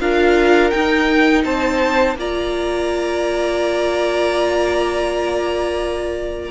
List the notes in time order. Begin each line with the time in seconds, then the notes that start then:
0.00 D4 F4 A#4 F5
0.70 D#4 G5
1.44 C4 C5 A5
2.15 A#3 F4 D5 A#5